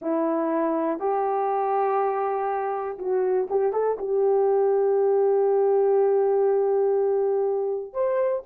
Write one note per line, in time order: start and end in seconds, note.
0.01 0.99 E4
0.99 2.98 G4
2.98 3.48 F#4
3.50 3.73 G4
3.73 3.97 A4
3.98 7.93 G4
7.93 8.43 C5